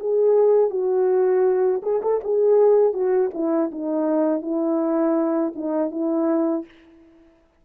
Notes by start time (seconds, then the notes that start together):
0.00 G#4
0.71 F#4
1.83 G#4
2.02 A4
2.24 G#4
2.94 F#4
3.34 E4
3.72 D#4
4.42 E4
5.56 D#4
5.91 E4